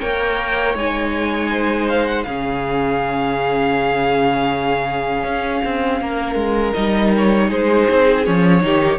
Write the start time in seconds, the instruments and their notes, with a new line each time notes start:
0.00 cello A#3, viola A#4, violin C#5 G5
0.74 cello G#3, viola D#4, violin G#5
1.51 violin C5
1.89 violin F5
2.05 violin F#5
2.24 cello C#3, viola C#4, violin G#4 F5
5.23 cello C#4
5.64 cello C4
6.01 cello A#3, violin A#4
6.35 cello G#3
6.73 cello G3, viola D#4, violin D#5
7.17 violin C#5
7.48 cello G#3, violin G#4 C5
7.89 cello C4
8.25 cello F3, viola C#4, violin C#5
8.60 cello D#3, viola D#4, violin G4